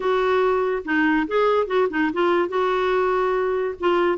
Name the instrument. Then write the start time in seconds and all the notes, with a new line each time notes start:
clarinet
0.00 F#4
0.84 D#4
1.27 G#4
1.66 F#4
1.90 D#4
2.13 F4
2.49 F#4
3.80 F4